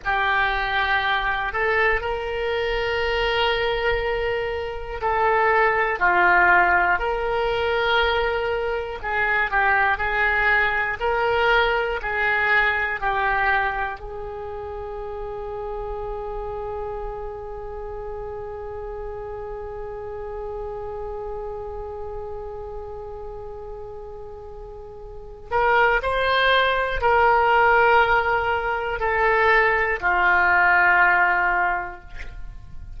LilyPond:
\new Staff \with { instrumentName = "oboe" } { \time 4/4 \tempo 4 = 60 g'4. a'8 ais'2~ | ais'4 a'4 f'4 ais'4~ | ais'4 gis'8 g'8 gis'4 ais'4 | gis'4 g'4 gis'2~ |
gis'1~ | gis'1~ | gis'4. ais'8 c''4 ais'4~ | ais'4 a'4 f'2 | }